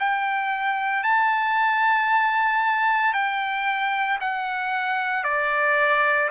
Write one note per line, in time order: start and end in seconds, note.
0.00 1.04 G5
1.04 3.14 A5
3.14 4.19 G5
4.21 5.24 F#5
5.24 6.30 D5